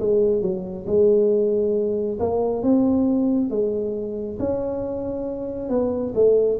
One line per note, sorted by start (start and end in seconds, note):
0.00 0.42 G#3
0.42 0.86 F#3
0.87 2.19 G#3
2.20 2.63 A#3
2.63 3.50 C4
3.50 4.38 G#3
4.40 5.70 C#4
5.70 6.14 B3
6.15 6.59 A3